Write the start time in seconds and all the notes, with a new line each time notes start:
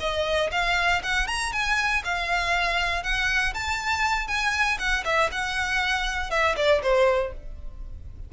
0.00 D#5
0.52 F5
1.03 F#5
1.27 A#5
1.53 G#5
2.04 F5
3.03 F#5
3.54 A5
4.28 G#5
4.79 F#5
5.05 E5
5.32 F#5
6.30 E5
6.56 D5
6.83 C5